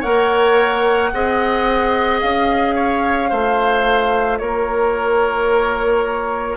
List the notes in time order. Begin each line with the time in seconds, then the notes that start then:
0.00 A#3 A#4 C#5 F#5
1.13 C4 G#4 D#5
2.20 C#4 F5
2.75 C#5
3.29 A3 F4 C5
4.38 A#3 A#4 C#5